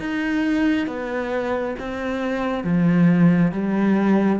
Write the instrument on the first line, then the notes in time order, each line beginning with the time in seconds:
cello
0.00 D#4
0.87 B3
1.79 C4
2.64 F3
3.52 G3